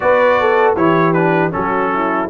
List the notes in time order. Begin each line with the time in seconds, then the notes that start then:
0.00 B3 F#4 B4 D5
0.40 A4
0.75 E3 E4 G4 C#5
1.13 D4 B4
1.50 F#3 C#4 F#4 A4
1.93 E4